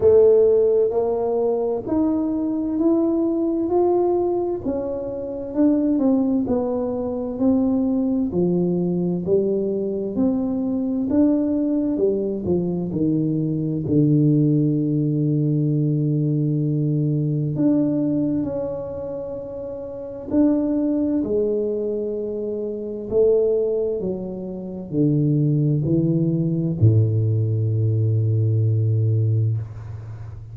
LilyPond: \new Staff \with { instrumentName = "tuba" } { \time 4/4 \tempo 4 = 65 a4 ais4 dis'4 e'4 | f'4 cis'4 d'8 c'8 b4 | c'4 f4 g4 c'4 | d'4 g8 f8 dis4 d4~ |
d2. d'4 | cis'2 d'4 gis4~ | gis4 a4 fis4 d4 | e4 a,2. | }